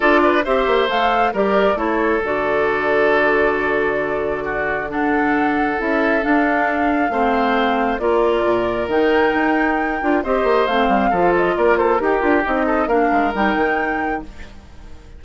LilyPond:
<<
  \new Staff \with { instrumentName = "flute" } { \time 4/4 \tempo 4 = 135 d''4 e''4 f''4 d''4 | cis''4 d''2.~ | d''2. fis''4~ | fis''4 e''4 f''2~ |
f''2 d''2 | g''2. dis''4 | f''4. dis''8 d''8 c''8 ais'4 | dis''4 f''4 g''2 | }
  \new Staff \with { instrumentName = "oboe" } { \time 4/4 a'8 b'8 c''2 ais'4 | a'1~ | a'2 fis'4 a'4~ | a'1 |
c''2 ais'2~ | ais'2. c''4~ | c''4 a'4 ais'8 a'8 g'4~ | g'8 a'8 ais'2. | }
  \new Staff \with { instrumentName = "clarinet" } { \time 4/4 f'4 g'4 a'4 g'4 | e'4 fis'2.~ | fis'2. d'4~ | d'4 e'4 d'2 |
c'2 f'2 | dis'2~ dis'8 f'8 g'4 | c'4 f'2 g'8 f'8 | dis'4 d'4 dis'2 | }
  \new Staff \with { instrumentName = "bassoon" } { \time 4/4 d'4 c'8 ais8 a4 g4 | a4 d2.~ | d1~ | d4 cis'4 d'2 |
a2 ais4 ais,4 | dis4 dis'4. d'8 c'8 ais8 | a8 g8 f4 ais4 dis'8 d'8 | c'4 ais8 gis8 g8 dis4. | }
>>